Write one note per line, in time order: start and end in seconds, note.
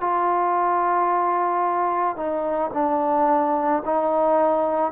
0.00 2.16 F4
2.16 2.71 D#4
2.73 3.82 D4
3.85 4.91 D#4